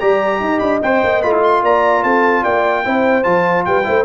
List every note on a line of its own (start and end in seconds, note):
0.00 0.40 G3
0.00 0.82 G4
0.00 0.42 D5
0.00 0.59 A#5
0.40 0.60 D#4
0.40 1.64 D#5
0.59 0.81 D4
0.59 0.79 B5
0.83 1.03 C4
0.83 1.23 C5
0.83 1.22 G5
1.03 1.24 A#3
1.22 1.63 A3
1.22 2.84 F4
1.22 1.32 B5
1.32 1.42 E4
1.43 1.64 C6
1.63 2.03 A#3
1.63 2.03 D5
1.63 2.03 A#5
2.03 2.44 C4
2.03 2.43 A4
2.03 2.44 A5
2.43 2.86 A#3
2.43 2.83 D5
2.43 3.24 G5
2.84 3.25 C4
2.84 3.23 E4
2.84 3.66 C5
3.23 3.66 F3
3.23 3.84 F4
3.23 3.64 A5
3.65 3.87 G3
3.65 3.86 B4
3.65 4.05 G5
3.84 4.05 A3
3.84 4.04 E4
3.84 4.05 C5